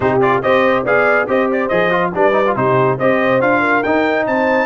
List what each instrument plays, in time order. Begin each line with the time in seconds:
0.00 tuba C3, trombone D#4, horn G4, trumpet C5
0.21 trombone F4, trumpet D5
0.41 tuba C4, trombone G4, horn C5, trumpet D#5
0.84 tuba B3, trombone G#4, horn D5, trumpet F5
1.27 tuba C4, trombone G4, horn C5, trumpet D#5
1.51 trumpet D5
1.68 tuba F3, trombone G#4, trumpet D#5
1.90 trombone F4
2.14 tuba G3, trombone D4, horn B4, trumpet D5
2.32 trombone D#4
2.47 trombone F4
2.55 tuba C3, trombone D#4, horn G4, trumpet C5
2.97 tuba C4, trombone G4, horn C5, trumpet D#5
3.40 tuba D4, trombone F4, trumpet F5
3.60 horn A#4
3.83 tuba D#4, trombone D#4, trumpet G5
4.26 tuba C4, horn C5, trumpet A5